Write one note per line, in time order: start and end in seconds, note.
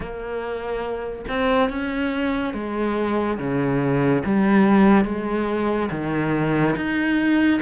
0.00 1.25 A#3
1.28 1.69 C4
1.69 2.53 C#4
2.53 3.38 G#3
3.38 4.23 C#3
4.25 5.05 G3
5.05 5.89 G#3
5.90 6.75 D#3
6.76 7.60 D#4